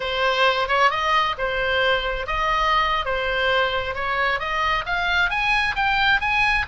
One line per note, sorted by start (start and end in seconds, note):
0.00 0.68 C5
0.68 0.90 C#5
0.90 1.35 D#5
1.38 2.27 C5
2.27 3.05 D#5
3.05 3.95 C5
3.95 4.39 C#5
4.39 4.84 D#5
4.86 5.30 F5
5.30 5.75 G#5
5.75 6.20 G5
6.20 6.65 G#5